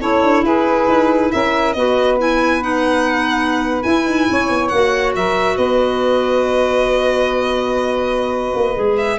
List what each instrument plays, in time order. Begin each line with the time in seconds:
0.00 tuba C#4, clarinet E4, saxophone A4, violin C#5
0.23 tuba D4
0.44 tuba E4, saxophone G#4, violin B4
0.88 tuba D#4
1.32 tuba C#4, saxophone A#4, violin E5
1.73 tuba B3, clarinet F#4, saxophone B4, violin D#5
2.18 clarinet E4, violin G#5
2.62 clarinet D#4, violin F#5
3.83 clarinet E4, tuba E4, violin G#5
4.06 tuba D#4
4.31 tuba C#4, saxophone C#5
4.50 tuba B3
4.69 tuba A#3, clarinet F#4, violin F#5
5.15 tuba F#3, saxophone A#4, violin E5
5.57 tuba B3, saxophone B4, violin D#5
8.55 tuba A#3
8.76 tuba G#3, clarinet G#4
8.97 violin E5